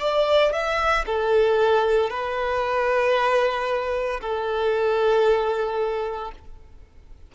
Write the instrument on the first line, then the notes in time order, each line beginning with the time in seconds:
violin
0.00 D5
0.52 E5
1.06 A4
2.10 B4
4.21 A4